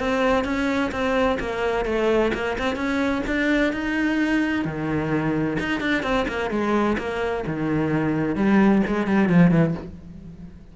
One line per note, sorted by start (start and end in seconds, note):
0.00 0.45 C4
0.45 0.91 C#4
0.92 1.38 C4
1.40 1.86 A#3
1.86 2.32 A3
2.34 2.58 A#3
2.59 2.76 C4
2.76 3.22 C#4
3.27 3.73 D4
3.73 4.65 D#4
4.65 5.58 D#3
5.60 5.81 D#4
5.81 6.03 D4
6.03 6.27 C4
6.28 6.51 A#3
6.51 6.97 G#3
6.99 7.45 A#3
7.47 8.36 D#3
8.36 8.83 G3
8.87 9.07 G#3
9.07 9.30 G3
9.30 9.51 F3
9.51 9.75 E3